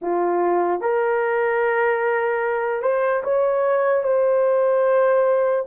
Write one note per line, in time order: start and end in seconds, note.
0.01 0.80 F4
0.80 2.82 A#4
2.82 3.22 C5
3.23 4.03 C#5
4.03 5.65 C5